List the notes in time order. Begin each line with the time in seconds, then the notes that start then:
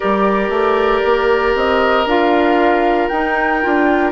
0.00 G3 G4 A#4 D5
0.49 A3
1.04 A#3
1.55 C4 D#5
2.05 D4 F4 F5
3.08 D#4 G5
3.62 D4 F4